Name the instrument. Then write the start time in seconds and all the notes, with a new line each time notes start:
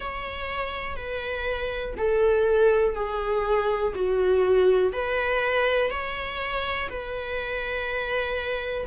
viola
0.00 C#5
0.96 B4
1.97 A4
2.95 G#4
3.94 F#4
4.92 B4
5.90 C#5
6.89 B4